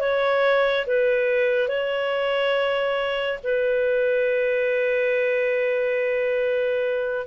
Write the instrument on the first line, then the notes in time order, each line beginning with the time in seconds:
clarinet
0.00 C#5
0.87 B4
1.69 C#5
3.44 B4